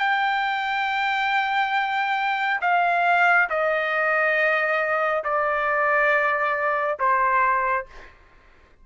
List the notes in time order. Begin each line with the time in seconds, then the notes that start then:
0.00 G5
2.62 F5
3.50 D#5
5.25 D5
7.00 C5